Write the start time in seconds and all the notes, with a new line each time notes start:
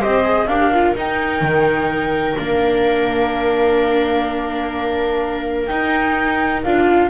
0.00 C4 G4 C5 D#5
0.24 G#4
0.46 D4 G4 A#4 F5
0.73 F4
0.95 D#4 G5
1.41 D#3
2.36 A#3 D4 F5
5.66 D#4 G5
6.63 D4 F4 F5